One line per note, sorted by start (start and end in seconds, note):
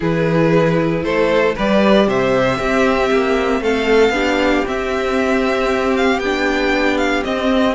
0.00 1.04 E3
0.00 1.54 E4
0.00 1.03 G#4
0.00 1.03 B4
1.03 1.55 A3
1.03 1.55 A4
1.03 1.55 C5
1.55 2.07 G3
1.55 2.60 G4
1.55 2.06 B4
1.55 2.09 D5
2.07 2.58 C3
2.07 2.57 C5
2.07 3.63 E5
2.57 3.10 C4
2.57 4.13 C4
2.57 3.61 G4
3.11 3.60 A#3
3.60 4.09 A3
3.60 4.14 A4
3.60 4.66 F5
4.09 4.61 B3
4.09 4.65 D4
4.09 7.75 G4
4.66 6.21 C4
4.66 6.19 C4
4.66 5.96 E5
5.96 6.19 F5
6.19 7.22 B3
6.19 7.23 D4
6.19 6.97 G5
6.97 7.23 F5
7.23 7.74 C4
7.23 7.75 C4
7.23 7.75 D#5